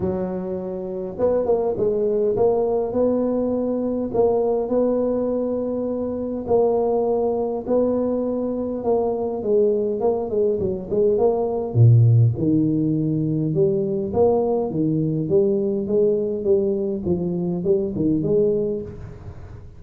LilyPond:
\new Staff \with { instrumentName = "tuba" } { \time 4/4 \tempo 4 = 102 fis2 b8 ais8 gis4 | ais4 b2 ais4 | b2. ais4~ | ais4 b2 ais4 |
gis4 ais8 gis8 fis8 gis8 ais4 | ais,4 dis2 g4 | ais4 dis4 g4 gis4 | g4 f4 g8 dis8 gis4 | }